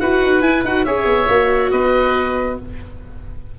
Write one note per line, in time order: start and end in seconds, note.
0.00 0.22 E4
0.00 0.43 F#4
0.00 0.86 B4
0.00 0.42 F#5
0.22 0.41 D#4
0.41 0.63 E4
0.41 0.64 E4
0.41 0.63 G#5
0.64 0.86 D#4
0.64 0.86 F#4
0.64 0.85 F#5
0.85 1.05 C#4
0.85 1.30 G#4
0.85 1.72 C#5
0.85 1.71 E5
1.05 1.27 B3
1.28 1.71 A#3
1.28 2.59 F#4
1.71 2.59 B3
1.71 2.59 B4
1.71 2.58 D#5